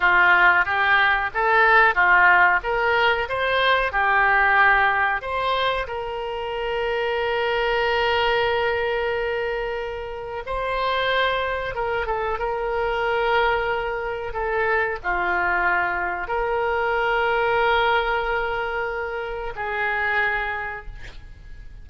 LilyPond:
\new Staff \with { instrumentName = "oboe" } { \time 4/4 \tempo 4 = 92 f'4 g'4 a'4 f'4 | ais'4 c''4 g'2 | c''4 ais'2.~ | ais'1 |
c''2 ais'8 a'8 ais'4~ | ais'2 a'4 f'4~ | f'4 ais'2.~ | ais'2 gis'2 | }